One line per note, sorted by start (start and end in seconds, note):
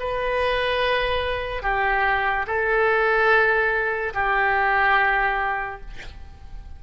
0.00 1.63 B4
1.63 2.46 G4
2.47 4.14 A4
4.14 5.81 G4